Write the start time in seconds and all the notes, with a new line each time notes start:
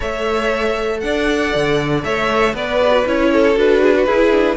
0.00 A3 A4 C#5 E5
1.00 D4 D5 F#5
1.54 D3
2.04 A3 C#5 E5
2.53 B3 B4 D5
2.81 G#4
2.91 F#4
3.06 C#4 E4 C#5
3.33 A4
3.55 D4 F#4 B4
3.81 G#4
3.96 F#4
4.05 E4 G#4
4.31 D4